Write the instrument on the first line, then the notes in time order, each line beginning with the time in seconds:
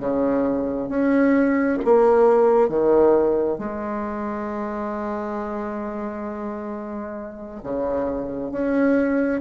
bassoon
0.00 C#3
0.89 C#4
1.85 A#3
2.69 D#3
3.59 G#3
7.64 C#3
8.52 C#4